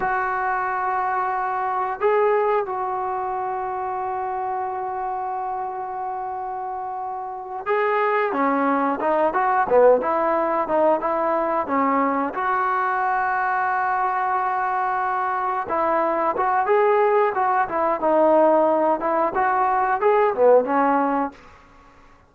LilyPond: \new Staff \with { instrumentName = "trombone" } { \time 4/4 \tempo 4 = 90 fis'2. gis'4 | fis'1~ | fis'2.~ fis'8 gis'8~ | gis'8 cis'4 dis'8 fis'8 b8 e'4 |
dis'8 e'4 cis'4 fis'4.~ | fis'2.~ fis'8 e'8~ | e'8 fis'8 gis'4 fis'8 e'8 dis'4~ | dis'8 e'8 fis'4 gis'8 b8 cis'4 | }